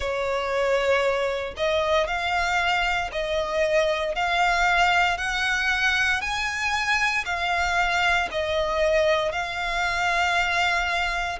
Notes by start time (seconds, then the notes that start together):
0.00 C#5
1.56 D#5
2.07 F5
3.11 D#5
4.15 F5
5.17 F#5
6.21 G#5
7.25 F5
8.31 D#5
9.32 F5